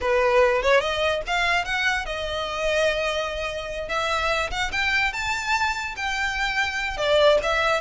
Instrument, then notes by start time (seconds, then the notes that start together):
violin
0.01 B4
0.62 C#5
0.80 D#5
1.26 F5
1.64 F#5
2.05 D#5
3.88 E5
4.50 F#5
4.72 G5
5.13 A5
5.96 G5
6.97 D5
7.43 E5